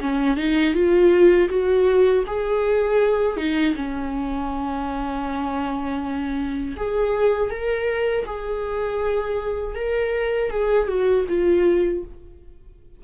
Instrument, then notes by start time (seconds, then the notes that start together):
viola
0.00 C#4
0.36 D#4
0.74 F4
1.49 F#4
2.26 G#4
3.36 D#4
3.75 C#4
6.76 G#4
7.50 A#4
8.25 G#4
9.75 A#4
10.50 G#4
10.88 F#4
11.28 F4